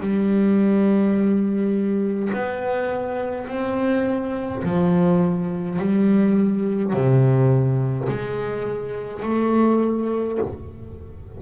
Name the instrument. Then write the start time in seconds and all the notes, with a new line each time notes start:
double bass
0.00 G3
2.33 B3
3.48 C4
4.64 F3
5.79 G3
6.93 C3
8.09 G#3
9.23 A3